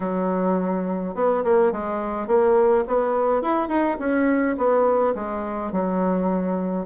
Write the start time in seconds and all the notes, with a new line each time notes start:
0.00 F#3
1.15 B3
1.44 A#3
1.72 G#3
2.27 A#3
2.87 B3
3.42 E4
3.68 D#4
3.99 C#4
4.57 B3
5.15 G#3
5.71 F#3